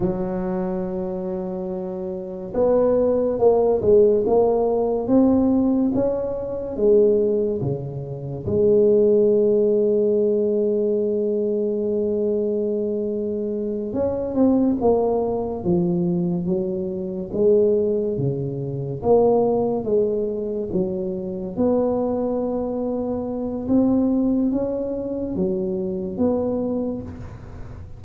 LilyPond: \new Staff \with { instrumentName = "tuba" } { \time 4/4 \tempo 4 = 71 fis2. b4 | ais8 gis8 ais4 c'4 cis'4 | gis4 cis4 gis2~ | gis1~ |
gis8 cis'8 c'8 ais4 f4 fis8~ | fis8 gis4 cis4 ais4 gis8~ | gis8 fis4 b2~ b8 | c'4 cis'4 fis4 b4 | }